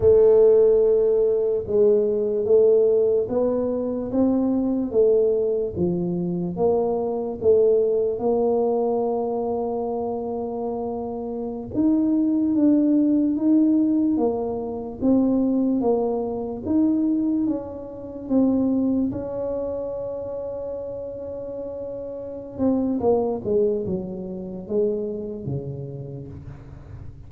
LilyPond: \new Staff \with { instrumentName = "tuba" } { \time 4/4 \tempo 4 = 73 a2 gis4 a4 | b4 c'4 a4 f4 | ais4 a4 ais2~ | ais2~ ais16 dis'4 d'8.~ |
d'16 dis'4 ais4 c'4 ais8.~ | ais16 dis'4 cis'4 c'4 cis'8.~ | cis'2.~ cis'8 c'8 | ais8 gis8 fis4 gis4 cis4 | }